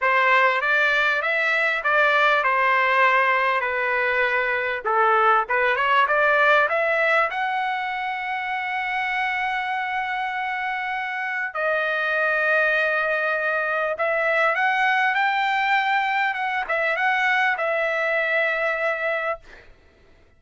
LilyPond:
\new Staff \with { instrumentName = "trumpet" } { \time 4/4 \tempo 4 = 99 c''4 d''4 e''4 d''4 | c''2 b'2 | a'4 b'8 cis''8 d''4 e''4 | fis''1~ |
fis''2. dis''4~ | dis''2. e''4 | fis''4 g''2 fis''8 e''8 | fis''4 e''2. | }